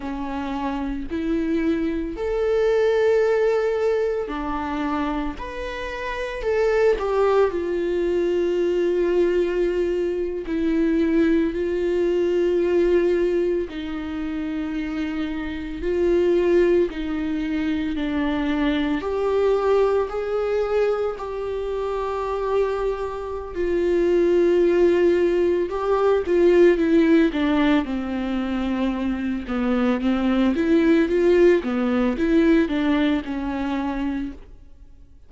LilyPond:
\new Staff \with { instrumentName = "viola" } { \time 4/4 \tempo 4 = 56 cis'4 e'4 a'2 | d'4 b'4 a'8 g'8 f'4~ | f'4.~ f'16 e'4 f'4~ f'16~ | f'8. dis'2 f'4 dis'16~ |
dis'8. d'4 g'4 gis'4 g'16~ | g'2 f'2 | g'8 f'8 e'8 d'8 c'4. b8 | c'8 e'8 f'8 b8 e'8 d'8 cis'4 | }